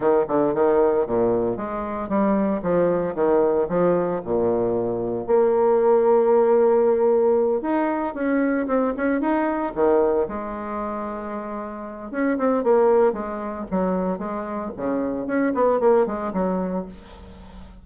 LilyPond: \new Staff \with { instrumentName = "bassoon" } { \time 4/4 \tempo 4 = 114 dis8 d8 dis4 ais,4 gis4 | g4 f4 dis4 f4 | ais,2 ais2~ | ais2~ ais8 dis'4 cis'8~ |
cis'8 c'8 cis'8 dis'4 dis4 gis8~ | gis2. cis'8 c'8 | ais4 gis4 fis4 gis4 | cis4 cis'8 b8 ais8 gis8 fis4 | }